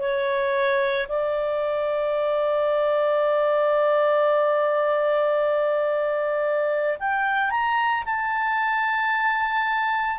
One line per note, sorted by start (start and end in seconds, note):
0.00 1.07 C#5
1.09 6.98 D5
6.99 7.50 G5
7.50 8.04 A#5
8.06 10.19 A5